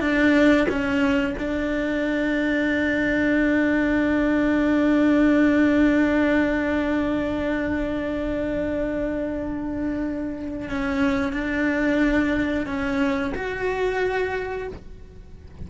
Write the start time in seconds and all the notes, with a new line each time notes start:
0.00 D4
0.68 C#4
1.38 D4
10.68 C#4
11.32 D4
12.66 C#4
13.34 F#4